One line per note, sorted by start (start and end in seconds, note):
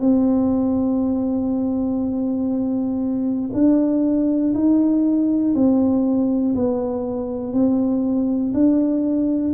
0.00 3.50 C4
3.53 4.53 D4
4.54 5.54 D#4
5.54 6.54 C4
6.55 7.53 B3
7.53 8.53 C4
8.53 9.53 D4